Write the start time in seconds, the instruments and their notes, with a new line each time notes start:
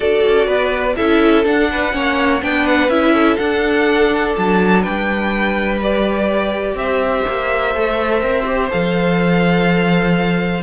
0.00 cello D4, viola F#4, violin A4 D5
0.26 cello C#4
0.46 cello B3, violin B4
0.96 cello C#4, viola E4, violin A4 E5
1.44 viola D4, cello D4, violin F#5
1.71 violin B4
1.92 cello A#3, viola C#4, violin C#5
2.41 cello B3, viola D4, violin B4 G5
2.66 violin F#5
2.88 cello C#4, viola E4, violin E5
3.13 violin A4
3.36 viola D4, cello D4, violin F#5
4.35 cello F#3, violin A5
4.81 cello G3, violin B4 G5
5.82 viola G4, violin D5
6.74 cello C4, violin E5
6.80 violin C5
7.27 cello A#3
7.75 cello A3, viola A4
8.20 cello C4, viola A#4
8.45 viola G4
8.70 cello F3, viola A4, violin F5